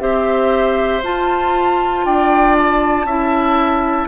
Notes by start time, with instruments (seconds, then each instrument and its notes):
0.00 bassoon C4, clarinet G4, oboe C5, flute E5
1.03 clarinet F4, bassoon F4, flute A5
2.05 bassoon D4, oboe D5, flute G5
2.58 flute A5
3.04 bassoon C#4, clarinet E4, oboe E5